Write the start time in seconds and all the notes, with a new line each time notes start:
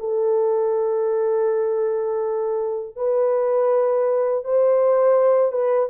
0.00 A4
2.97 B4
4.45 C5
5.52 B4